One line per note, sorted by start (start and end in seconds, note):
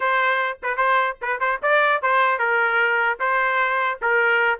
0.00 0.58 C5
0.62 0.77 B4
0.77 1.17 C5
1.21 1.40 B4
1.40 1.60 C5
1.62 2.01 D5
2.01 2.38 C5
2.38 3.18 A#4
3.19 3.99 C5
4.01 4.59 A#4